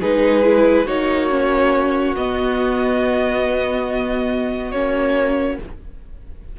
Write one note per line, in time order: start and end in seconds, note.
0.00 0.87 G#3
0.00 0.43 D#4
0.00 0.85 G#4
0.00 0.87 B4
0.43 0.86 E4
0.85 2.16 A#3
0.85 1.30 D#4
0.85 5.57 F#4
0.85 2.16 C#5
1.30 2.16 C#4
2.16 4.73 B3
2.16 4.74 B3
2.16 4.72 D#5
4.72 5.58 A#3
4.72 5.59 C#4
4.72 5.57 C#5